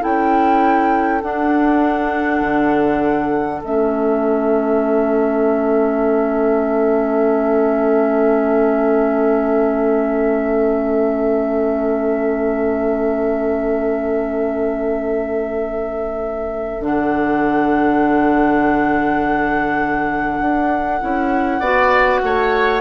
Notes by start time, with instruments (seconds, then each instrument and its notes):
0.00 bassoon C#4, clarinet E4, oboe A4, flute G5
1.21 bassoon D4, clarinet D4, flute F#5
2.40 bassoon D3
3.63 bassoon A3, clarinet C#4, flute E5
16.80 bassoon D3, clarinet D4, flute F#5
20.40 bassoon D4
21.00 bassoon C#4, clarinet E4
21.59 bassoon B3, clarinet F#4, oboe D5
22.23 bassoon A3, oboe C#5